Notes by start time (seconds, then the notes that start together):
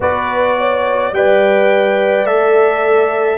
0.00 B3 F#4 B4 D5
0.58 C#5
1.11 G3 B4 D5 G5
2.24 A3 A4 E5